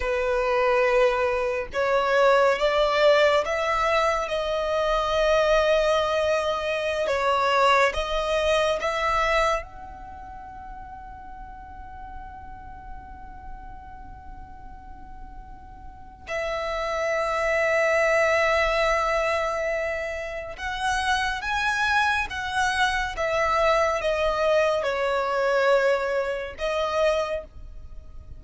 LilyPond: \new Staff \with { instrumentName = "violin" } { \time 4/4 \tempo 4 = 70 b'2 cis''4 d''4 | e''4 dis''2.~ | dis''16 cis''4 dis''4 e''4 fis''8.~ | fis''1~ |
fis''2. e''4~ | e''1 | fis''4 gis''4 fis''4 e''4 | dis''4 cis''2 dis''4 | }